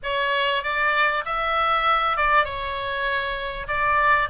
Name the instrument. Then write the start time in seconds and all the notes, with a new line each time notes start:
oboe
0.03 C#5
0.63 D5
1.25 E5
2.17 D5
2.44 C#5
3.67 D5